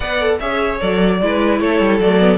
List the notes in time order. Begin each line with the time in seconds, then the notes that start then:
0.00 B3 B4 D5 F#5
0.20 A4
0.39 C#4 G#4 C#5 E5
0.80 F#3 A4 D5
1.21 G#3 E4 B4
1.59 A3 A4 C#5
1.79 G3
1.99 F#3 A3 D5
2.18 B3